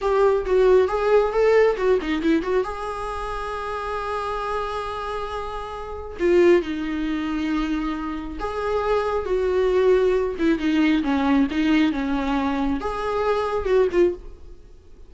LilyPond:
\new Staff \with { instrumentName = "viola" } { \time 4/4 \tempo 4 = 136 g'4 fis'4 gis'4 a'4 | fis'8 dis'8 e'8 fis'8 gis'2~ | gis'1~ | gis'2 f'4 dis'4~ |
dis'2. gis'4~ | gis'4 fis'2~ fis'8 e'8 | dis'4 cis'4 dis'4 cis'4~ | cis'4 gis'2 fis'8 f'8 | }